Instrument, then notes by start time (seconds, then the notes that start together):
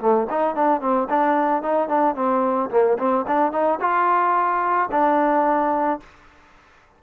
trombone
0.00 A3
0.30 D#4
0.56 D4
0.81 C4
1.10 D4
1.62 D#4
1.89 D4
2.15 C4
2.70 A#3
2.99 C4
3.27 D4
3.52 D#4
3.81 F4
4.91 D4